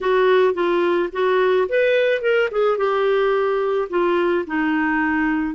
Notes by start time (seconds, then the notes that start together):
0.00 F#4
0.54 F4
1.12 F#4
1.68 B4
2.21 A#4
2.51 G#4
2.77 G4
3.89 F4
4.46 D#4